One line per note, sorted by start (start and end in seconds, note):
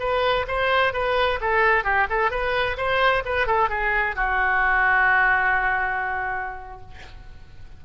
0.00 0.46 B4
0.48 0.94 C5
0.94 1.40 B4
1.41 1.84 A4
1.84 2.07 G4
2.10 2.31 A4
2.31 2.77 B4
2.78 3.24 C5
3.26 3.47 B4
3.47 3.70 A4
3.70 4.16 G#4
4.16 6.81 F#4